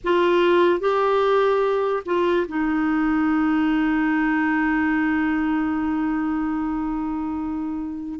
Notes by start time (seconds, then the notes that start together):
0.03 F4
0.80 G4
2.05 F4
2.47 D#4